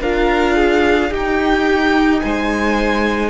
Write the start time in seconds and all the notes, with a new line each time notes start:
0.00 D4 F4 A#4 F5
0.56 G#4
1.10 D#4 G4 G5
2.20 G#3 C5 G#5